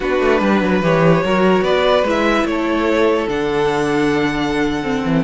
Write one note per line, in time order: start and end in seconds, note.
0.00 0.20 B3
0.00 0.82 D4
0.00 0.40 F#4
0.00 0.83 B4
0.20 0.41 A3
0.41 0.61 G3
0.41 1.23 B4
0.61 0.81 F#3
0.81 1.22 E3
0.81 1.23 G4
0.81 1.63 C#5
1.23 1.61 F#3
1.23 2.05 F#4
1.23 1.64 A#4
1.61 2.02 B3
1.61 2.46 B4
1.61 2.04 D5
2.02 2.43 G#3
2.02 3.28 E4
2.10 2.46 E5
2.44 3.26 A3
2.44 5.23 A4
2.44 3.29 C#5
3.28 5.02 D3
3.28 4.82 D4
3.28 5.23 F#5
4.83 5.23 C4
5.05 5.23 E3